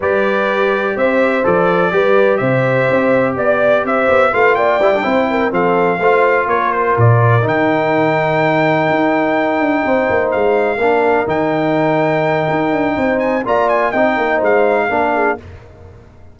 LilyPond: <<
  \new Staff \with { instrumentName = "trumpet" } { \time 4/4 \tempo 4 = 125 d''2 e''4 d''4~ | d''4 e''2 d''4 | e''4 f''8 g''2 f''8~ | f''4. cis''8 c''8 d''4 g''8~ |
g''1~ | g''4. f''2 g''8~ | g''2.~ g''8 gis''8 | ais''8 gis''8 g''4 f''2 | }
  \new Staff \with { instrumentName = "horn" } { \time 4/4 b'2 c''2 | b'4 c''2 d''4 | c''4 b'8 d''4 c''8 ais'8 a'8~ | a'8 c''4 ais'2~ ais'8~ |
ais'1~ | ais'8 c''2 ais'4.~ | ais'2. c''4 | d''4 dis''4 c''4 ais'8 gis'8 | }
  \new Staff \with { instrumentName = "trombone" } { \time 4/4 g'2. a'4 | g'1~ | g'4 f'4 e'16 d'16 e'4 c'8~ | c'8 f'2. dis'8~ |
dis'1~ | dis'2~ dis'8 d'4 dis'8~ | dis'1 | f'4 dis'2 d'4 | }
  \new Staff \with { instrumentName = "tuba" } { \time 4/4 g2 c'4 f4 | g4 c4 c'4 b4 | c'8 b8 a8 ais8 g8 c'4 f8~ | f8 a4 ais4 ais,4 dis8~ |
dis2~ dis8 dis'4. | d'8 c'8 ais8 gis4 ais4 dis8~ | dis2 dis'8 d'8 c'4 | ais4 c'8 ais8 gis4 ais4 | }
>>